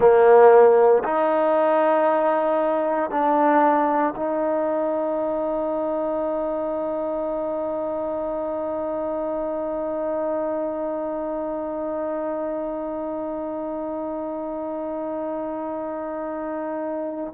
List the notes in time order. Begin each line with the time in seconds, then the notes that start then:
0.00 A#3
1.03 D#4
3.10 D4
4.16 D#4